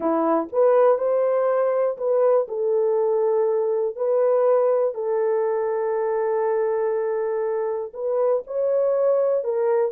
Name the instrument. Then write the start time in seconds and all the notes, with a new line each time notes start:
horn
0.00 E4
0.52 B4
0.98 C5
1.97 B4
2.48 A4
3.96 B4
4.94 A4
7.93 B4
8.46 C#5
9.43 A#4